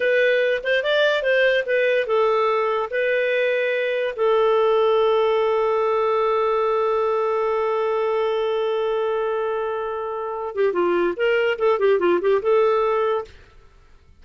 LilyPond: \new Staff \with { instrumentName = "clarinet" } { \time 4/4 \tempo 4 = 145 b'4. c''8 d''4 c''4 | b'4 a'2 b'4~ | b'2 a'2~ | a'1~ |
a'1~ | a'1~ | a'4. g'8 f'4 ais'4 | a'8 g'8 f'8 g'8 a'2 | }